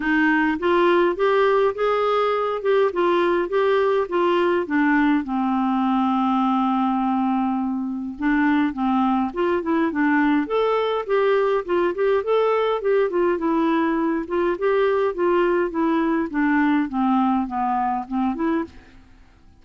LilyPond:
\new Staff \with { instrumentName = "clarinet" } { \time 4/4 \tempo 4 = 103 dis'4 f'4 g'4 gis'4~ | gis'8 g'8 f'4 g'4 f'4 | d'4 c'2.~ | c'2 d'4 c'4 |
f'8 e'8 d'4 a'4 g'4 | f'8 g'8 a'4 g'8 f'8 e'4~ | e'8 f'8 g'4 f'4 e'4 | d'4 c'4 b4 c'8 e'8 | }